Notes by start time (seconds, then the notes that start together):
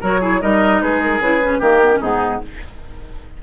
0.00 F#3 F#4 A#4 C#5
0.20 E4 G#4
0.41 G3 D#4 A#4 D#5
0.81 G#3 G#4 B4
1.02 A#4
1.19 C#3 E4 B4
1.42 C#4
1.59 D#3 A#3 G4 A#4
1.83 B3
1.94 C#4
2.00 G#2 B3 D#4 G#4